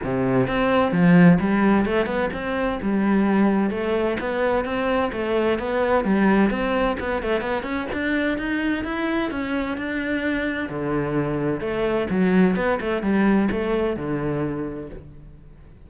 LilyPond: \new Staff \with { instrumentName = "cello" } { \time 4/4 \tempo 4 = 129 c4 c'4 f4 g4 | a8 b8 c'4 g2 | a4 b4 c'4 a4 | b4 g4 c'4 b8 a8 |
b8 cis'8 d'4 dis'4 e'4 | cis'4 d'2 d4~ | d4 a4 fis4 b8 a8 | g4 a4 d2 | }